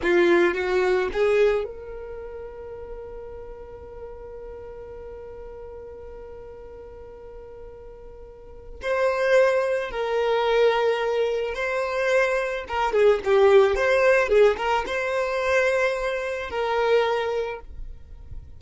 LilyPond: \new Staff \with { instrumentName = "violin" } { \time 4/4 \tempo 4 = 109 f'4 fis'4 gis'4 ais'4~ | ais'1~ | ais'1~ | ais'1 |
c''2 ais'2~ | ais'4 c''2 ais'8 gis'8 | g'4 c''4 gis'8 ais'8 c''4~ | c''2 ais'2 | }